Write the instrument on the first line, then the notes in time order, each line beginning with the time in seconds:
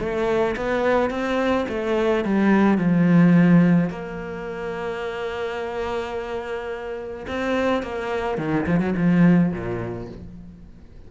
cello
0.00 A3
0.57 B3
1.11 C4
1.69 A3
2.25 G3
2.78 F3
3.90 A#3
7.28 C4
7.83 A#3
8.38 D#3
8.67 F3
8.80 F#3
8.97 F3
9.53 A#2